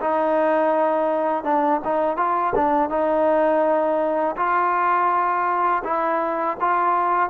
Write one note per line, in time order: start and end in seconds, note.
0.00 1.44 D#4
1.44 1.80 D4
1.84 2.16 D#4
2.16 2.53 F4
2.54 2.89 D4
2.89 4.35 D#4
4.36 5.82 F4
5.83 6.57 E4
6.60 7.29 F4